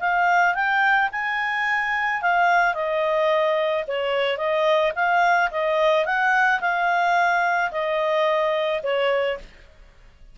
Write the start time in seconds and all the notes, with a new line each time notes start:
0.00 F5
0.55 G5
1.12 G#5
2.22 F5
2.74 D#5
3.88 C#5
4.38 D#5
4.95 F5
5.51 D#5
6.06 F#5
6.61 F5
7.72 D#5
8.83 C#5